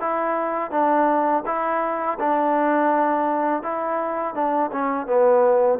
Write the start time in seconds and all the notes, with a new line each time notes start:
0.00 E4
0.71 D4
1.46 E4
2.19 D4
3.62 E4
4.34 D4
4.72 C#4
5.07 B3